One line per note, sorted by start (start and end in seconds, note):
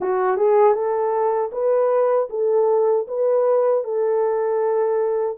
0.00 0.36 F#4
0.36 0.74 G#4
0.74 1.51 A4
1.52 2.29 B4
2.29 3.06 A4
3.07 3.84 B4
3.84 5.37 A4